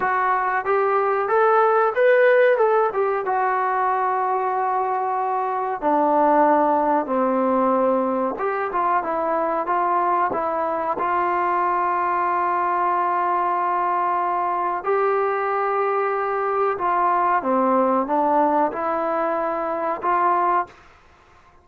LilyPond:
\new Staff \with { instrumentName = "trombone" } { \time 4/4 \tempo 4 = 93 fis'4 g'4 a'4 b'4 | a'8 g'8 fis'2.~ | fis'4 d'2 c'4~ | c'4 g'8 f'8 e'4 f'4 |
e'4 f'2.~ | f'2. g'4~ | g'2 f'4 c'4 | d'4 e'2 f'4 | }